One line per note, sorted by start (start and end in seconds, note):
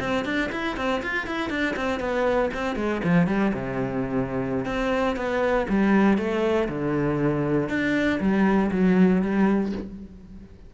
0.00 0.25 C4
0.25 0.50 D4
0.52 0.77 E4
0.77 1.02 C4
1.03 1.27 F4
1.27 1.50 E4
1.50 1.75 D4
1.76 2.00 C4
2.00 2.50 B3
2.54 2.76 C4
2.76 3.01 G#3
3.04 3.27 F3
3.27 3.52 G3
3.54 4.66 C3
4.66 5.16 C4
5.16 5.67 B3
5.69 6.18 G3
6.18 6.68 A3
6.69 7.69 D3
7.69 8.20 D4
8.20 8.71 G3
8.72 9.22 F#3
9.22 9.72 G3